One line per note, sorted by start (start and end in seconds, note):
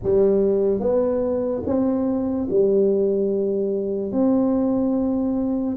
0.03 0.80 G3
0.80 1.62 B3
1.66 2.48 C4
2.50 4.12 G3
4.12 5.76 C4